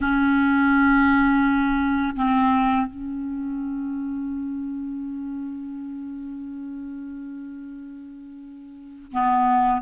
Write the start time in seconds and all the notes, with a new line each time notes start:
0.00 C#4
2.16 C4
2.86 C#4
9.12 B3